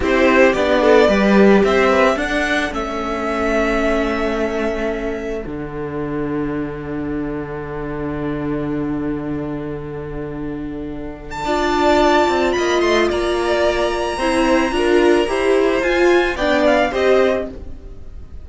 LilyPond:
<<
  \new Staff \with { instrumentName = "violin" } { \time 4/4 \tempo 4 = 110 c''4 d''2 e''4 | fis''4 e''2.~ | e''2 fis''2~ | fis''1~ |
fis''1~ | fis''8. a''2~ a''16 b''8 c'''8 | ais''1~ | ais''4 gis''4 g''8 f''8 dis''4 | }
  \new Staff \with { instrumentName = "violin" } { \time 4/4 g'4. a'8 b'4 c''8 b'8 | a'1~ | a'1~ | a'1~ |
a'1~ | a'4 d''2 dis''4 | d''2 c''4 ais'4 | c''2 d''4 c''4 | }
  \new Staff \with { instrumentName = "viola" } { \time 4/4 e'4 d'4 g'2 | d'4 cis'2.~ | cis'2 d'2~ | d'1~ |
d'1~ | d'4 f'2.~ | f'2 e'4 f'4 | g'4 f'4 d'4 g'4 | }
  \new Staff \with { instrumentName = "cello" } { \time 4/4 c'4 b4 g4 c'4 | d'4 a2.~ | a2 d2~ | d1~ |
d1~ | d4 d'4. c'8 ais8 a8 | ais2 c'4 d'4 | e'4 f'4 b4 c'4 | }
>>